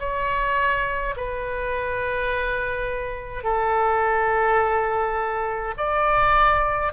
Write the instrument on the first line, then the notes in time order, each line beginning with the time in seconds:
oboe
0.00 C#5
1.17 B4
3.44 A4
5.78 D5